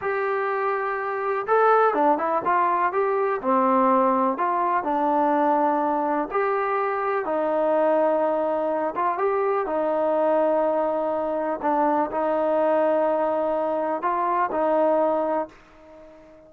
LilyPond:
\new Staff \with { instrumentName = "trombone" } { \time 4/4 \tempo 4 = 124 g'2. a'4 | d'8 e'8 f'4 g'4 c'4~ | c'4 f'4 d'2~ | d'4 g'2 dis'4~ |
dis'2~ dis'8 f'8 g'4 | dis'1 | d'4 dis'2.~ | dis'4 f'4 dis'2 | }